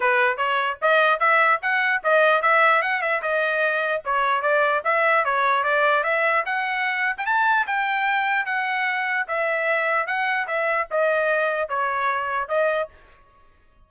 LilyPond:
\new Staff \with { instrumentName = "trumpet" } { \time 4/4 \tempo 4 = 149 b'4 cis''4 dis''4 e''4 | fis''4 dis''4 e''4 fis''8 e''8 | dis''2 cis''4 d''4 | e''4 cis''4 d''4 e''4 |
fis''4.~ fis''16 g''16 a''4 g''4~ | g''4 fis''2 e''4~ | e''4 fis''4 e''4 dis''4~ | dis''4 cis''2 dis''4 | }